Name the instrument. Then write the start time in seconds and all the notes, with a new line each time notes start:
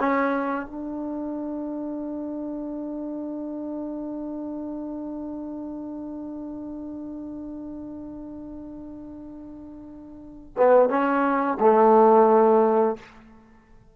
trombone
0.00 C#4
0.66 D4
10.57 B3
10.90 C#4
11.60 A3